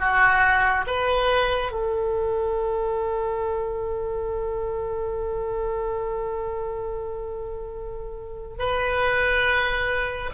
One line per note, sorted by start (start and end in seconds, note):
0.00 0.85 F#4
0.87 1.72 B4
1.72 8.58 A4
8.59 10.31 B4